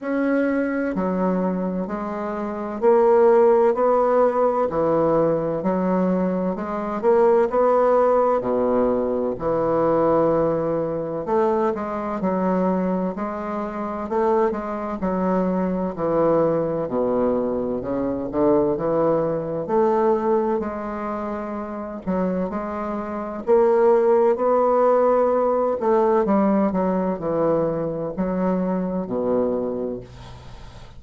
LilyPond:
\new Staff \with { instrumentName = "bassoon" } { \time 4/4 \tempo 4 = 64 cis'4 fis4 gis4 ais4 | b4 e4 fis4 gis8 ais8 | b4 b,4 e2 | a8 gis8 fis4 gis4 a8 gis8 |
fis4 e4 b,4 cis8 d8 | e4 a4 gis4. fis8 | gis4 ais4 b4. a8 | g8 fis8 e4 fis4 b,4 | }